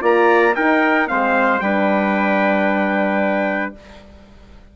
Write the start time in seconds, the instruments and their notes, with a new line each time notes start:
0.00 bassoon A#3, horn F4, trumpet D5 A#5
0.55 horn D#4, bassoon D#4, trumpet A#4 G5
1.07 bassoon G#3, horn C4, trumpet C5 F5
1.60 bassoon G3, horn D4, trumpet B4 G5